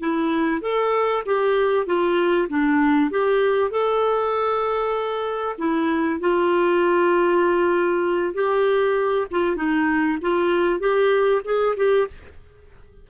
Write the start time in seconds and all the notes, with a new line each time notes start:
0.00 E4
0.62 A4
1.26 G4
1.86 F4
2.49 D4
3.11 G4
3.71 A4
5.59 E4
6.21 F4
8.34 G4
9.31 F4
9.57 D#4
10.21 F4
10.80 G4
11.45 G#4
11.77 G4